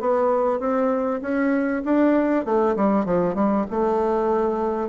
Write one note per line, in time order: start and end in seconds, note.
0.00 0.60 B3
0.60 1.21 C4
1.22 1.83 C#4
1.85 2.45 D4
2.45 2.76 A3
2.76 3.05 G3
3.05 3.35 F3
3.35 3.65 G3
3.70 4.89 A3